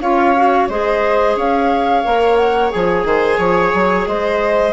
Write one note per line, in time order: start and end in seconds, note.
0.00 0.67 C#4
0.00 0.35 F4
0.00 0.69 C#5
0.00 0.68 F5
0.36 0.70 F#4
0.69 1.36 G#3
0.69 2.04 G#4
0.69 1.36 C5
0.69 1.37 D#5
1.36 2.03 C#4
1.36 3.05 C#5
1.36 2.36 F5
2.04 2.73 A#3
2.04 2.70 A#4
2.36 2.70 F#5
2.70 3.04 F3
2.70 4.72 G#4
2.70 4.06 G#5
3.04 3.38 D#3
3.04 3.38 C5
3.38 3.72 F3
3.38 4.06 C#5
3.74 4.07 F#3
4.06 4.72 G#3
4.06 4.72 C5
4.06 4.72 D#5